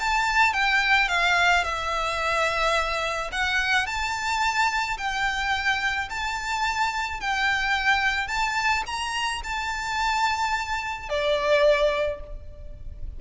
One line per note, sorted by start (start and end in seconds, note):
0.00 0.54 A5
0.54 1.09 G5
1.09 1.64 F5
1.64 3.31 E5
3.33 3.87 F#5
3.87 4.98 A5
4.98 6.09 G5
6.10 7.21 A5
7.21 8.28 G5
8.28 8.84 A5
8.87 9.42 A#5
9.44 11.10 A5
11.10 12.21 D5